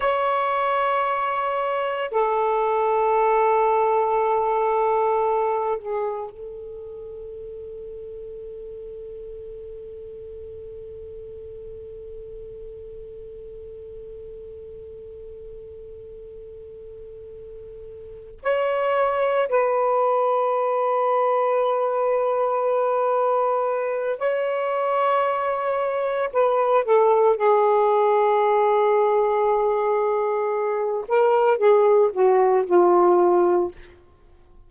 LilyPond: \new Staff \with { instrumentName = "saxophone" } { \time 4/4 \tempo 4 = 57 cis''2 a'2~ | a'4. gis'8 a'2~ | a'1~ | a'1~ |
a'4. cis''4 b'4.~ | b'2. cis''4~ | cis''4 b'8 a'8 gis'2~ | gis'4. ais'8 gis'8 fis'8 f'4 | }